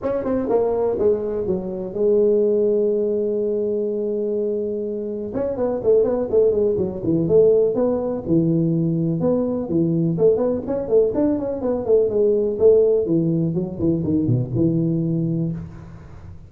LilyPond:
\new Staff \with { instrumentName = "tuba" } { \time 4/4 \tempo 4 = 124 cis'8 c'8 ais4 gis4 fis4 | gis1~ | gis2. cis'8 b8 | a8 b8 a8 gis8 fis8 e8 a4 |
b4 e2 b4 | e4 a8 b8 cis'8 a8 d'8 cis'8 | b8 a8 gis4 a4 e4 | fis8 e8 dis8 b,8 e2 | }